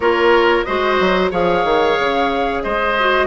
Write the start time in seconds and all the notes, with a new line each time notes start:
0.00 A#3 F4 A#4 C#5
0.64 G#3 F#4 C5 D#5
1.00 F#3
1.30 F3 G#4 C#5 F5
1.64 D#3
1.99 C#3
2.62 G#3 C5 D#5
2.99 F#4